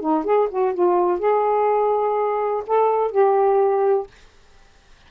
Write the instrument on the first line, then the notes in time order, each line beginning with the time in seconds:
saxophone
0.00 D#4
0.24 G#4
0.49 F#4
0.74 F4
1.19 G#4
2.66 A4
3.11 G4